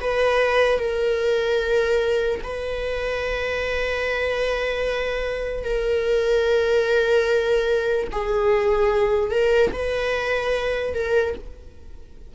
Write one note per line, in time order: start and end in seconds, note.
0.00 0.78 B4
0.78 2.40 A#4
2.43 5.64 B4
5.64 8.07 A#4
8.12 9.31 G#4
9.31 9.71 A#4
9.72 10.94 B4
10.94 11.34 A#4